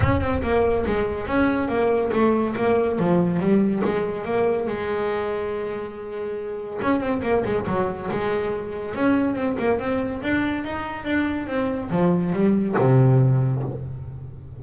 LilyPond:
\new Staff \with { instrumentName = "double bass" } { \time 4/4 \tempo 4 = 141 cis'8 c'8 ais4 gis4 cis'4 | ais4 a4 ais4 f4 | g4 gis4 ais4 gis4~ | gis1 |
cis'8 c'8 ais8 gis8 fis4 gis4~ | gis4 cis'4 c'8 ais8 c'4 | d'4 dis'4 d'4 c'4 | f4 g4 c2 | }